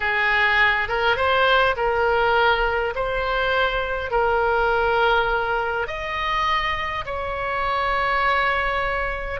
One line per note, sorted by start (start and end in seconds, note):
0.00 0.88 G#4
0.88 1.16 A#4
1.16 1.75 C5
1.76 2.94 A#4
2.95 4.10 C5
4.10 5.87 A#4
5.87 7.04 D#5
7.05 9.40 C#5